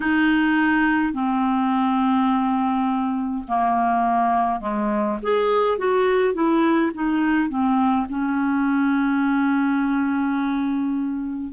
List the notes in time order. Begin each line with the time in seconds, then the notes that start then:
0.00 D#4
1.13 C4
3.48 A#3
4.60 G#3
5.22 G#4
5.77 F#4
6.34 E4
6.93 D#4
7.49 C4
8.09 C#4